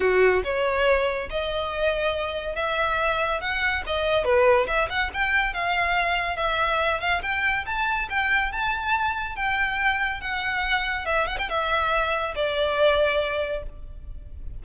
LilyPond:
\new Staff \with { instrumentName = "violin" } { \time 4/4 \tempo 4 = 141 fis'4 cis''2 dis''4~ | dis''2 e''2 | fis''4 dis''4 b'4 e''8 fis''8 | g''4 f''2 e''4~ |
e''8 f''8 g''4 a''4 g''4 | a''2 g''2 | fis''2 e''8 fis''16 g''16 e''4~ | e''4 d''2. | }